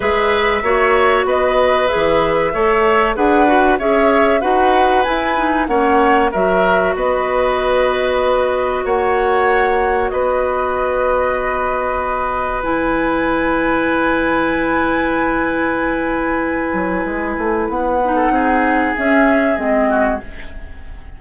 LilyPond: <<
  \new Staff \with { instrumentName = "flute" } { \time 4/4 \tempo 4 = 95 e''2 dis''4 e''4~ | e''4 fis''4 e''4 fis''4 | gis''4 fis''4 e''4 dis''4~ | dis''2 fis''2 |
dis''1 | gis''1~ | gis''1 | fis''2 e''4 dis''4 | }
  \new Staff \with { instrumentName = "oboe" } { \time 4/4 b'4 cis''4 b'2 | cis''4 b'4 cis''4 b'4~ | b'4 cis''4 ais'4 b'4~ | b'2 cis''2 |
b'1~ | b'1~ | b'1~ | b'8. a'16 gis'2~ gis'8 fis'8 | }
  \new Staff \with { instrumentName = "clarinet" } { \time 4/4 gis'4 fis'2 gis'4 | a'4 gis'8 fis'8 gis'4 fis'4 | e'8 dis'8 cis'4 fis'2~ | fis'1~ |
fis'1 | e'1~ | e'1~ | e'8 dis'4. cis'4 c'4 | }
  \new Staff \with { instrumentName = "bassoon" } { \time 4/4 gis4 ais4 b4 e4 | a4 d'4 cis'4 dis'4 | e'4 ais4 fis4 b4~ | b2 ais2 |
b1 | e1~ | e2~ e8 fis8 gis8 a8 | b4 c'4 cis'4 gis4 | }
>>